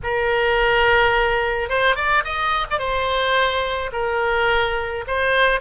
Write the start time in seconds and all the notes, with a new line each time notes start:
0.03 A#4
1.69 C5
1.95 D5
2.24 D#5
2.70 D5
2.78 C5
3.92 A#4
5.07 C5